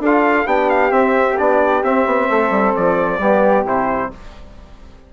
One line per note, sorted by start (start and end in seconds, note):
0.00 0.45 D4
0.00 0.47 A4
0.00 0.48 F5
0.07 0.47 F4
0.46 0.92 B3
0.46 0.91 D4
0.46 2.29 G4
0.46 0.70 G5
0.70 0.92 F5
0.91 1.37 C4
0.91 1.38 C4
0.91 1.38 E5
1.38 1.83 B3
1.38 1.84 D4
1.38 1.84 D5
1.83 2.06 C4
1.83 3.21 C4
1.83 2.75 E5
2.06 2.29 B3
2.29 2.51 A3
2.29 3.20 A4
2.51 2.73 G3
2.76 3.19 F3
2.76 3.67 D5
3.19 3.65 G3
3.19 3.66 B3
3.19 4.11 G4
3.66 4.12 C3
3.66 4.11 E4
3.66 4.14 C5